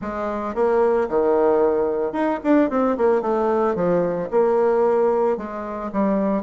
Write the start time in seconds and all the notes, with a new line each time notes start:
0.01 G#3
0.54 A#3
1.08 D#3
2.12 D#4
2.43 D4
2.70 C4
2.97 A#3
3.21 A3
3.75 F3
4.30 A#3
5.37 G#3
5.92 G3